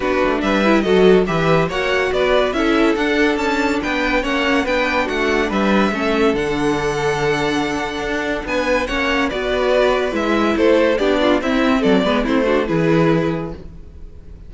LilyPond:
<<
  \new Staff \with { instrumentName = "violin" } { \time 4/4 \tempo 4 = 142 b'4 e''4 dis''4 e''4 | fis''4 d''4 e''4 fis''4 | a''4 g''4 fis''4 g''4 | fis''4 e''2 fis''4~ |
fis''1 | gis''4 fis''4 d''2 | e''4 c''4 d''4 e''4 | d''4 c''4 b'2 | }
  \new Staff \with { instrumentName = "violin" } { \time 4/4 fis'4 b'4 a'4 b'4 | cis''4 b'4 a'2~ | a'4 b'4 cis''4 b'4 | fis'4 b'4 a'2~ |
a'1 | b'4 cis''4 b'2~ | b'4 a'4 g'8 f'8 e'4 | a'8 b'8 e'8 fis'8 gis'2 | }
  \new Staff \with { instrumentName = "viola" } { \time 4/4 d'4. e'8 fis'4 g'4 | fis'2 e'4 d'4~ | d'2 cis'4 d'4~ | d'2 cis'4 d'4~ |
d'1~ | d'4 cis'4 fis'2 | e'2 d'4 c'4~ | c'8 b8 c'8 d'8 e'2 | }
  \new Staff \with { instrumentName = "cello" } { \time 4/4 b8 a8 g4 fis4 e4 | ais4 b4 cis'4 d'4 | cis'4 b4 ais4 b4 | a4 g4 a4 d4~ |
d2. d'4 | b4 ais4 b2 | gis4 a4 b4 c'4 | fis8 gis8 a4 e2 | }
>>